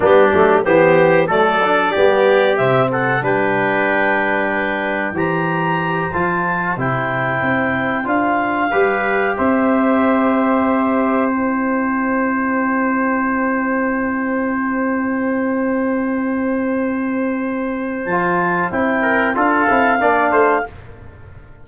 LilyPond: <<
  \new Staff \with { instrumentName = "clarinet" } { \time 4/4 \tempo 4 = 93 g'4 c''4 d''2 | e''8 fis''8 g''2. | ais''4. a''4 g''4.~ | g''8 f''2 e''4.~ |
e''4. g''2~ g''8~ | g''1~ | g''1 | a''4 g''4 f''2 | }
  \new Staff \with { instrumentName = "trumpet" } { \time 4/4 d'4 g'4 a'4 g'4~ | g'8 a'8 b'2. | c''1~ | c''4. b'4 c''4.~ |
c''1~ | c''1~ | c''1~ | c''4. ais'8 a'4 d''8 c''8 | }
  \new Staff \with { instrumentName = "trombone" } { \time 4/4 b8 a8 b4 a8 d'8 b4 | c'4 d'2. | g'4. f'4 e'4.~ | e'8 f'4 g'2~ g'8~ |
g'4. e'2~ e'8~ | e'1~ | e'1 | f'4 e'4 f'8 e'8 d'4 | }
  \new Staff \with { instrumentName = "tuba" } { \time 4/4 g8 fis8 e4 fis4 g4 | c4 g2. | e4. f4 c4 c'8~ | c'8 d'4 g4 c'4.~ |
c'1~ | c'1~ | c'1 | f4 c'4 d'8 c'8 ais8 a8 | }
>>